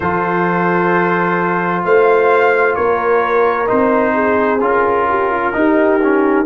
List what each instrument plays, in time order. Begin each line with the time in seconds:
0.00 tuba F3, trombone F4, horn A4, trumpet C5
1.83 tuba A3, horn C5, trumpet F5
2.75 tuba A#3, horn A#4, trumpet C#5
3.66 tuba C4, trombone D#4, trumpet C5
4.13 horn G#4
4.60 tuba C#4, trombone F4, trumpet A#4
5.09 horn G4
5.31 horn F4
5.52 trombone D#4, tuba D#4, horn G4
6.03 trombone C#4